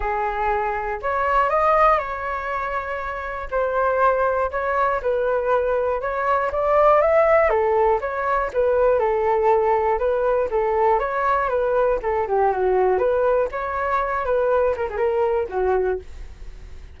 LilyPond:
\new Staff \with { instrumentName = "flute" } { \time 4/4 \tempo 4 = 120 gis'2 cis''4 dis''4 | cis''2. c''4~ | c''4 cis''4 b'2 | cis''4 d''4 e''4 a'4 |
cis''4 b'4 a'2 | b'4 a'4 cis''4 b'4 | a'8 g'8 fis'4 b'4 cis''4~ | cis''8 b'4 ais'16 gis'16 ais'4 fis'4 | }